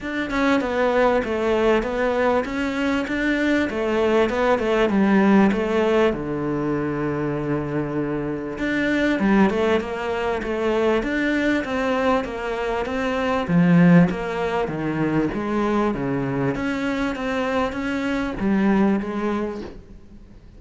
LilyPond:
\new Staff \with { instrumentName = "cello" } { \time 4/4 \tempo 4 = 98 d'8 cis'8 b4 a4 b4 | cis'4 d'4 a4 b8 a8 | g4 a4 d2~ | d2 d'4 g8 a8 |
ais4 a4 d'4 c'4 | ais4 c'4 f4 ais4 | dis4 gis4 cis4 cis'4 | c'4 cis'4 g4 gis4 | }